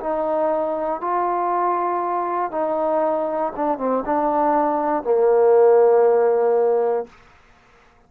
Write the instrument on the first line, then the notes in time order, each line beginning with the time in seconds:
trombone
0.00 D#4
1.01 F4
2.51 D#4
3.56 D4
3.78 C4
4.06 D4
5.03 A#3